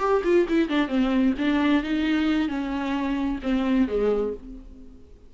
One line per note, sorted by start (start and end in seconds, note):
0.00 0.23 G4
0.24 0.47 F4
0.49 0.69 E4
0.69 0.88 D4
0.88 1.34 C4
1.38 1.83 D4
1.83 2.49 D#4
2.49 3.40 C#4
3.43 3.88 C4
3.88 4.34 G#3